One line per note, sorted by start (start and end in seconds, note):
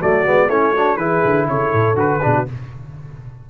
0.00 0.26 F#3
0.00 0.25 A3
0.00 0.48 F#4
0.00 0.50 D5
0.25 0.48 G#3
0.25 0.50 B3
0.48 0.97 A3
0.48 0.76 C#4
0.48 0.72 E4
0.48 0.97 C#5
0.72 0.99 D4
0.72 0.97 F#4
0.97 1.22 E3
0.97 1.96 E4
0.97 1.47 G#4
0.97 1.47 B4
1.25 1.49 D3
1.49 1.73 C#3
1.49 2.23 A4
1.49 1.98 C#5
1.74 1.94 A2
1.94 2.19 D3
1.94 2.20 F#4
1.94 2.48 B4
2.22 2.50 B2
2.22 2.47 D4
2.22 2.35 G#4
2.35 2.48 F#4